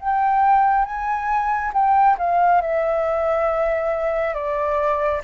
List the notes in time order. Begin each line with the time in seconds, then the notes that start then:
0.00 G5
0.85 G#5
1.74 G5
2.18 F5
2.62 E5
4.34 D5